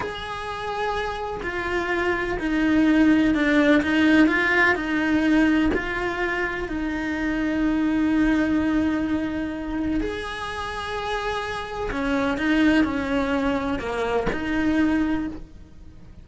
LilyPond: \new Staff \with { instrumentName = "cello" } { \time 4/4 \tempo 4 = 126 gis'2. f'4~ | f'4 dis'2 d'4 | dis'4 f'4 dis'2 | f'2 dis'2~ |
dis'1~ | dis'4 gis'2.~ | gis'4 cis'4 dis'4 cis'4~ | cis'4 ais4 dis'2 | }